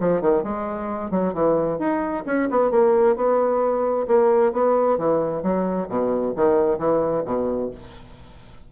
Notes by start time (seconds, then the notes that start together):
0.00 F3
0.21 D#3
0.43 G#3
1.11 F#3
1.33 E3
1.79 D#4
2.26 C#4
2.50 B3
2.71 A#3
3.16 B3
4.08 A#3
4.52 B3
4.98 E3
5.43 F#3
5.89 B2
6.36 D#3
6.78 E3
7.25 B2